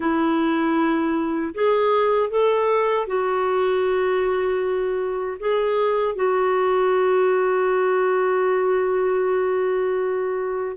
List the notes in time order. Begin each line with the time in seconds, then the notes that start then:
0.00 E4
1.54 G#4
2.30 A4
3.06 F#4
5.39 G#4
6.15 F#4